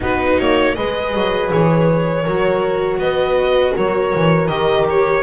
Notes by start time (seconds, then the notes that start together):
0.00 B3 D#4 F#4 B4
0.39 A#3 C#5
0.74 G#3 G#4 B4 D#5
1.14 F#3
1.51 E3 C#5
2.23 F#3 F#4 A#4
2.98 B3 B4 D#5
3.76 F#3 A#4 C#5
4.15 E3
4.47 D#3 G4 D#5
4.89 C#5